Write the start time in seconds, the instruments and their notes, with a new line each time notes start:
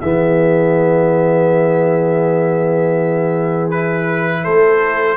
0.00 tuba E3, trombone B3, horn G#4, trumpet E5
3.70 trombone E4, trumpet B4
4.43 tuba A3, horn A4, trumpet C5